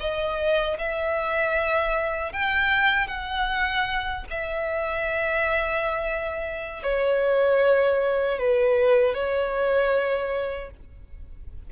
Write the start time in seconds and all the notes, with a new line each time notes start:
0.00 D#5
0.79 E5
2.33 G5
3.08 F#5
4.31 E5
6.84 C#5
8.39 B4
9.15 C#5